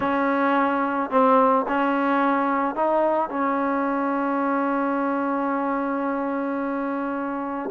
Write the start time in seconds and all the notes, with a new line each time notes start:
0.00 C#4
1.10 C4
1.68 C#4
2.75 D#4
3.29 C#4